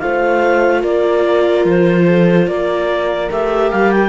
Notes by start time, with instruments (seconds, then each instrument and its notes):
0.00 cello A3, viola F4, horn C5, clarinet F5
0.82 cello A#3, horn A#4, clarinet D5
1.65 cello F3, clarinet C5
2.07 horn A4
2.47 cello A#3, horn A#4, clarinet D5
3.31 cello A3, viola G4, clarinet E5
3.71 cello G3, clarinet F5
3.91 clarinet G5